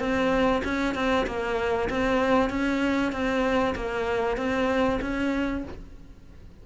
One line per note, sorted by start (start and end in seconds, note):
0.00 0.62 C4
0.64 0.95 C#4
0.95 1.26 C4
1.27 1.89 A#3
1.90 2.50 C4
2.50 3.12 C#4
3.12 3.75 C4
3.76 4.37 A#3
4.37 4.99 C4
5.01 5.64 C#4